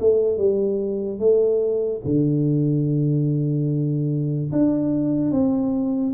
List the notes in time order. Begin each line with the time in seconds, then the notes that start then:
0.00 A3
0.37 G3
1.19 A3
2.05 D3
4.52 D4
5.31 C4